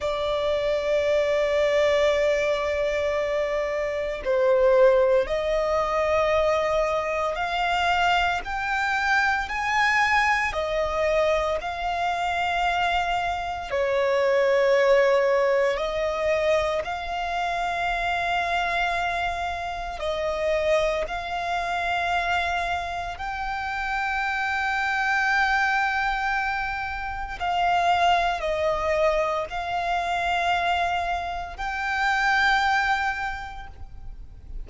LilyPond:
\new Staff \with { instrumentName = "violin" } { \time 4/4 \tempo 4 = 57 d''1 | c''4 dis''2 f''4 | g''4 gis''4 dis''4 f''4~ | f''4 cis''2 dis''4 |
f''2. dis''4 | f''2 g''2~ | g''2 f''4 dis''4 | f''2 g''2 | }